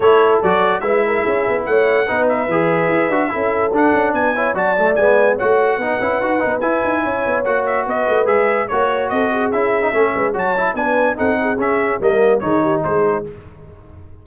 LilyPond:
<<
  \new Staff \with { instrumentName = "trumpet" } { \time 4/4 \tempo 4 = 145 cis''4 d''4 e''2 | fis''4. e''2~ e''8~ | e''4 fis''4 gis''4 a''4 | gis''4 fis''2. |
gis''2 fis''8 e''8 dis''4 | e''4 cis''4 dis''4 e''4~ | e''4 a''4 gis''4 fis''4 | e''4 dis''4 cis''4 c''4 | }
  \new Staff \with { instrumentName = "horn" } { \time 4/4 a'2 b'8 ais'8 gis'4 | cis''4 b'2. | a'2 b'8 cis''8 d''4~ | d''4 cis''4 b'2~ |
b'4 cis''2 b'4~ | b'4 cis''4 a'8 gis'4. | a'8 b'8 cis''4 b'4 a'8 gis'8~ | gis'4 ais'4 gis'8 g'8 gis'4 | }
  \new Staff \with { instrumentName = "trombone" } { \time 4/4 e'4 fis'4 e'2~ | e'4 dis'4 gis'4. fis'8 | e'4 d'4. e'8 fis'8 a8 | b4 fis'4 dis'8 e'8 fis'8 dis'8 |
e'2 fis'2 | gis'4 fis'2 e'8. dis'16 | cis'4 fis'8 e'8 d'4 dis'4 | cis'4 ais4 dis'2 | }
  \new Staff \with { instrumentName = "tuba" } { \time 4/4 a4 fis4 gis4 cis'8 b8 | a4 b4 e4 e'8 d'8 | cis'4 d'8 cis'8 b4 fis4 | gis4 a4 b8 cis'8 dis'8 b8 |
e'8 dis'8 cis'8 b8 ais4 b8 a8 | gis4 ais4 c'4 cis'4 | a8 gis8 fis4 b4 c'4 | cis'4 g4 dis4 gis4 | }
>>